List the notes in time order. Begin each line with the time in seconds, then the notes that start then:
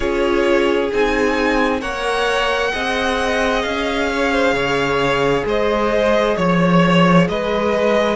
0.00 C#4 F4 G#4 C#5
0.92 C4 D#4 G#5
1.80 A#3 A#4 C#5 F#5
2.72 C4 G#4 D#5
3.62 C#4 F5
4.11 C#5
4.32 C5
4.52 C#3 C#5
5.45 G#3 C5 D#5
6.36 F3 C#5
7.28 G#3 B4 D#5